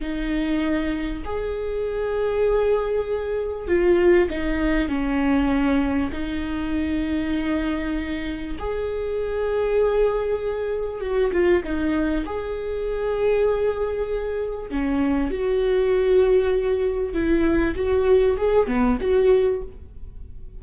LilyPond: \new Staff \with { instrumentName = "viola" } { \time 4/4 \tempo 4 = 98 dis'2 gis'2~ | gis'2 f'4 dis'4 | cis'2 dis'2~ | dis'2 gis'2~ |
gis'2 fis'8 f'8 dis'4 | gis'1 | cis'4 fis'2. | e'4 fis'4 gis'8 b8 fis'4 | }